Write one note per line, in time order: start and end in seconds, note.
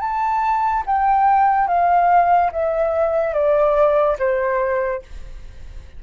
0.00 0.83 A5
0.86 1.68 G5
1.68 2.51 F5
2.52 3.34 E5
3.34 4.17 D5
4.19 5.02 C5